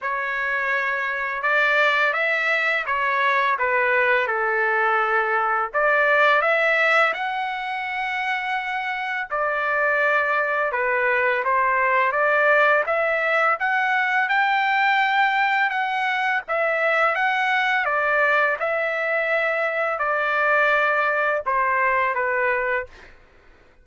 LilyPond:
\new Staff \with { instrumentName = "trumpet" } { \time 4/4 \tempo 4 = 84 cis''2 d''4 e''4 | cis''4 b'4 a'2 | d''4 e''4 fis''2~ | fis''4 d''2 b'4 |
c''4 d''4 e''4 fis''4 | g''2 fis''4 e''4 | fis''4 d''4 e''2 | d''2 c''4 b'4 | }